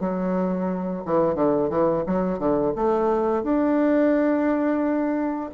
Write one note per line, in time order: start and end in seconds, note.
0.00 1.03 F#3
1.05 1.35 E3
1.35 1.69 D3
1.70 2.04 E3
2.06 2.39 F#3
2.39 2.73 D3
2.76 3.43 A3
3.43 5.50 D4